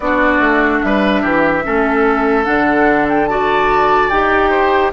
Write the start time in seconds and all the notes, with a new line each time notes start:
0.00 B3 D4 F#4 D5
0.39 A3
0.80 G3 B4 E5
1.22 E3 G4
1.64 A3 C#4 A4
2.44 D3 D4 F#5
3.08 G5
3.27 F#4 D5 A5
4.09 D#4 G4 G5
4.49 C5